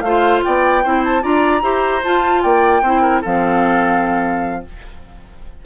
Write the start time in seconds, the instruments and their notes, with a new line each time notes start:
0.00 bassoon A3, clarinet F4, oboe C5, flute F5
0.44 bassoon B3, oboe D5, flute G5
0.83 bassoon C4, clarinet E4, oboe C5
1.04 flute A5
1.21 bassoon D4, clarinet F4, oboe D5, flute A#5
1.62 bassoon E4, clarinet G4, oboe C5
2.02 clarinet F4, bassoon F4, flute A5
2.42 bassoon A#3, oboe D5, flute G5
2.82 bassoon C4, clarinet E4, oboe C5
3.01 oboe A#4
3.21 bassoon F3, clarinet C4, oboe A4, flute F5